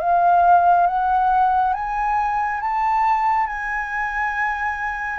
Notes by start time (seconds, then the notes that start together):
0.00 F5
0.87 F#5
1.74 G#5
2.60 A5
3.47 G#5